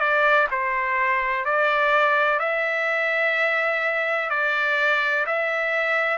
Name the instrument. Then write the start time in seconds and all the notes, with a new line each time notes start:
trumpet
0.00 D5
0.51 C5
1.45 D5
2.39 E5
4.30 D5
5.26 E5